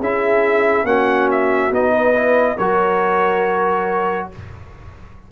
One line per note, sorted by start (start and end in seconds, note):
0.00 0.84 C#4
0.00 0.85 E4
0.00 0.86 G#4
0.00 0.86 E5
0.84 1.70 A#3
0.84 1.71 C#4
0.84 1.94 F#4
0.84 1.29 F#5
1.31 1.74 E5
1.71 2.57 B3
1.71 2.14 D#4
1.71 2.57 D#5
1.94 2.57 B4
2.14 2.57 E4
2.57 4.30 F#3
2.57 4.32 F#4
2.57 4.28 A#4
2.57 4.29 C#5